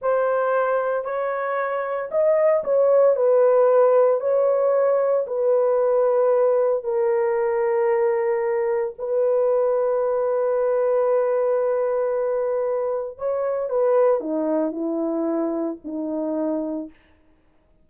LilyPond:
\new Staff \with { instrumentName = "horn" } { \time 4/4 \tempo 4 = 114 c''2 cis''2 | dis''4 cis''4 b'2 | cis''2 b'2~ | b'4 ais'2.~ |
ais'4 b'2.~ | b'1~ | b'4 cis''4 b'4 dis'4 | e'2 dis'2 | }